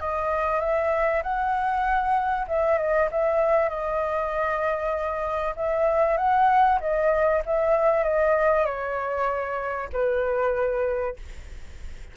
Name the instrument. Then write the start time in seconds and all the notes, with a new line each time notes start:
flute
0.00 D#5
0.60 E5
1.23 F#5
2.47 E5
2.78 D#5
3.11 E5
3.69 D#5
5.56 E5
6.17 F#5
6.80 D#5
7.45 E5
8.04 D#5
8.65 C#5
9.93 B4